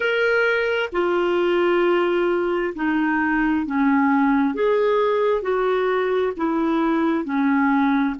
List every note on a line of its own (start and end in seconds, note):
0.00 0.89 A#4
0.92 2.74 F4
2.75 3.66 D#4
3.66 4.54 C#4
4.54 5.42 G#4
5.42 6.33 F#4
6.36 7.24 E4
7.24 8.15 C#4